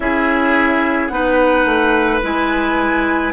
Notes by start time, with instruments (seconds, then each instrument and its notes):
0.00 bassoon C#4, clarinet E4, oboe G#4, flute E5
1.07 bassoon B3, clarinet D#4, oboe B4, flute F#5
1.65 bassoon A3
2.22 bassoon G#3, clarinet E4, flute G#5